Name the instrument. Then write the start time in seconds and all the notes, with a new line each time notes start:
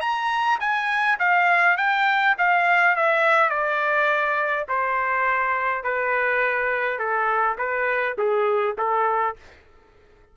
trumpet
0.00 A#5
0.60 G#5
1.19 F5
1.77 G5
2.38 F5
2.95 E5
3.50 D5
4.68 C5
5.83 B4
6.98 A4
7.58 B4
8.18 G#4
8.77 A4